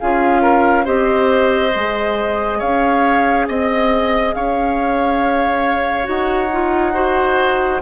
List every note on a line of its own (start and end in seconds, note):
0.00 0.87 C#4
0.00 0.86 F4
0.00 0.42 G#4
0.00 0.87 F5
0.42 0.85 A#4
0.85 1.74 C4
0.85 1.72 G4
0.85 2.59 C5
0.85 2.61 D#5
1.72 2.62 G#3
1.72 6.04 G#4
2.59 3.49 C#4
2.59 3.46 C#5
2.59 3.48 F5
3.49 4.35 C4
3.49 4.36 D#5
3.49 4.34 D#5
4.34 6.09 C#4
4.34 6.94 C#5
4.34 6.08 F5
6.04 7.82 D#4
6.04 6.48 F#4
6.04 7.82 F#5
6.53 6.94 F4
6.94 7.81 F#4
6.94 7.81 C5